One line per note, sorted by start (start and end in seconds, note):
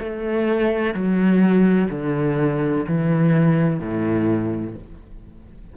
0.00 0.94 A3
0.94 1.90 F#3
1.90 2.86 D3
2.88 3.80 E3
3.80 4.75 A2